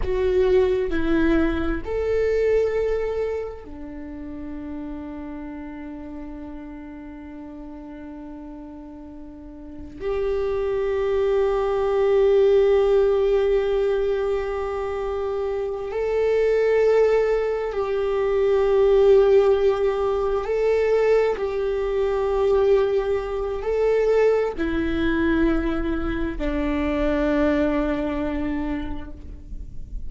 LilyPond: \new Staff \with { instrumentName = "viola" } { \time 4/4 \tempo 4 = 66 fis'4 e'4 a'2 | d'1~ | d'2. g'4~ | g'1~ |
g'4. a'2 g'8~ | g'2~ g'8 a'4 g'8~ | g'2 a'4 e'4~ | e'4 d'2. | }